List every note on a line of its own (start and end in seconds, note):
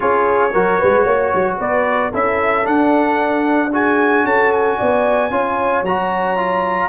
0.00 0.54 C#4
0.00 0.50 F4
0.00 0.52 G#4
0.00 1.58 C#5
0.52 0.80 F#3
0.52 2.12 F#4
0.52 0.78 A#4
0.78 1.06 G#3
0.78 1.03 B4
1.03 1.33 A#3
1.03 1.56 C#5
1.34 1.59 F#3
1.58 2.12 B3
1.58 2.10 B4
1.58 2.13 D5
2.10 2.66 C#4
2.10 2.63 E4
2.10 3.70 A4
2.10 2.66 E5
2.63 3.69 D4
2.63 4.24 D4
2.63 3.72 F#5
3.73 5.30 F#4
3.73 4.25 G#4
3.73 4.26 G#5
4.24 4.77 C#4
4.24 4.77 A4
4.24 4.52 A5
4.52 5.84 G#5
4.77 5.30 B3
4.77 5.30 D5
5.30 5.82 C#4
5.30 5.83 F4
5.30 6.89 C#5
5.82 6.88 F#3
5.82 6.37 F#4
5.82 6.89 A#5
6.37 6.89 F4